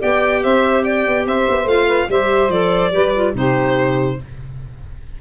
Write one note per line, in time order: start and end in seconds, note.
0.00 0.45 B3
0.00 1.67 G4
0.00 0.42 D5
0.00 0.44 G5
0.44 1.07 C4
0.44 0.83 C5
0.44 0.84 E5
0.83 1.25 D5
0.83 1.26 G5
1.07 1.26 B3
1.26 1.47 C4
1.26 1.87 C5
1.26 1.69 E5
1.49 1.65 B3
1.65 2.07 A3
1.65 2.09 F4
1.65 2.10 F5
1.87 2.07 B4
2.09 2.49 G3
2.09 2.51 G4
2.09 2.93 C5
2.09 2.51 E5
2.49 2.91 F3
2.49 2.92 A4
2.49 3.34 D5
2.92 3.35 G3
2.92 3.13 G4
2.92 3.35 B4
3.15 3.34 F4
3.34 4.18 C3
3.34 4.17 D#4
3.34 4.19 G4
3.34 4.21 C5